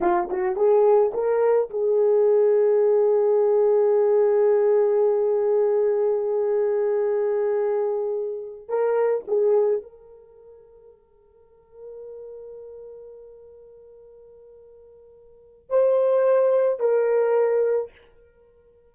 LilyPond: \new Staff \with { instrumentName = "horn" } { \time 4/4 \tempo 4 = 107 f'8 fis'8 gis'4 ais'4 gis'4~ | gis'1~ | gis'1~ | gis'2.~ gis'8 ais'8~ |
ais'8 gis'4 ais'2~ ais'8~ | ais'1~ | ais'1 | c''2 ais'2 | }